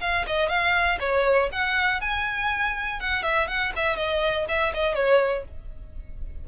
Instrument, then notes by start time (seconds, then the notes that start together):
violin
0.00 F5
0.26 D#5
0.48 F5
1.00 C#5
1.51 F#5
2.01 G#5
3.00 F#5
3.23 E5
3.47 F#5
3.76 E5
3.96 D#5
4.48 E5
4.74 D#5
4.95 C#5